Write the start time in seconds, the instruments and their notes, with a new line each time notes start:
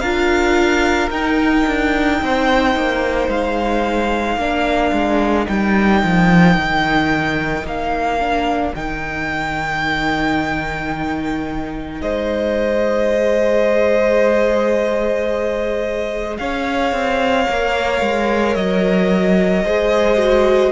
0.00 cello D4, viola F4, violin A#4 F5
1.11 cello D#4, viola D#4, violin G5
1.67 cello D4
2.22 cello C4, violin C5
2.76 cello A#3
3.28 cello G#3, violin F5
4.37 cello A#3, viola D4, violin A#4
4.93 cello G#3
5.45 cello G3, viola D#4, violin G5
6.04 cello F3
6.58 cello D#3
7.64 cello A#3, violin F5
8.20 viola D4
8.75 cello D#3, viola D#4, violin G5
12.02 cello G#3, violin C5 D#5
13.11 viola G#4
16.38 cello C#4, violin C#5 F5
16.93 cello C4
17.48 cello A#3, viola A#4
18.02 cello G#3
18.56 cello F#3, violin D#5
19.65 cello G#3, viola G#4, violin C5
20.18 viola F#4